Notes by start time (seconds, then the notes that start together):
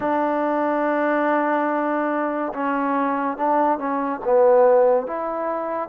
0.00 D4
2.54 C#4
3.36 D4
3.78 C#4
4.24 B3
5.07 E4